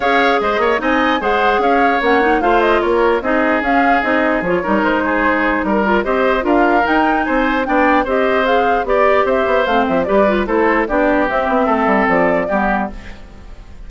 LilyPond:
<<
  \new Staff \with { instrumentName = "flute" } { \time 4/4 \tempo 4 = 149 f''4 dis''4 gis''4 fis''4 | f''4 fis''4 f''8 dis''8 cis''4 | dis''4 f''4 dis''4 cis''4 | c''2 ais'4 dis''4 |
f''4 g''4 gis''4 g''4 | dis''4 f''4 d''4 e''4 | f''8 e''8 d''4 c''4 d''4 | e''2 d''2 | }
  \new Staff \with { instrumentName = "oboe" } { \time 4/4 cis''4 c''8 cis''8 dis''4 c''4 | cis''2 c''4 ais'4 | gis'2.~ gis'8 ais'8~ | ais'8 gis'4. ais'4 c''4 |
ais'2 c''4 d''4 | c''2 d''4 c''4~ | c''4 b'4 a'4 g'4~ | g'4 a'2 g'4 | }
  \new Staff \with { instrumentName = "clarinet" } { \time 4/4 gis'2 dis'4 gis'4~ | gis'4 cis'8 dis'8 f'2 | dis'4 cis'4 dis'4 f'8 dis'8~ | dis'2~ dis'8 f'8 g'4 |
f'4 dis'2 d'4 | g'4 gis'4 g'2 | c'4 g'8 f'8 e'4 d'4 | c'2. b4 | }
  \new Staff \with { instrumentName = "bassoon" } { \time 4/4 cis'4 gis8 ais8 c'4 gis4 | cis'4 ais4 a4 ais4 | c'4 cis'4 c'4 f8 g8 | gis2 g4 c'4 |
d'4 dis'4 c'4 b4 | c'2 b4 c'8 b8 | a8 f8 g4 a4 b4 | c'8 b8 a8 g8 f4 g4 | }
>>